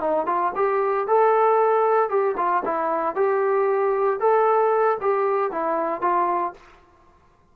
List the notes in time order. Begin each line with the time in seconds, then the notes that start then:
0.00 D#4
0.26 F4
0.55 G4
1.07 A4
2.09 G4
2.37 F4
2.65 E4
3.15 G4
4.20 A4
5.01 G4
5.51 E4
6.01 F4